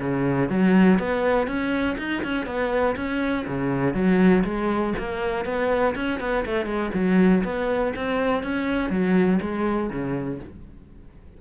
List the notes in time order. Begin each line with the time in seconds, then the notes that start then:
0.00 C#3
0.49 F#3
0.99 B3
1.47 C#4
1.98 D#4
2.23 C#4
2.46 B3
2.96 C#4
3.47 C#3
3.94 F#3
4.44 G#3
4.98 A#3
5.45 B3
5.95 C#4
6.20 B3
6.46 A3
6.66 G#3
6.94 F#3
7.44 B3
7.96 C4
8.43 C#4
8.90 F#3
9.42 G#3
9.90 C#3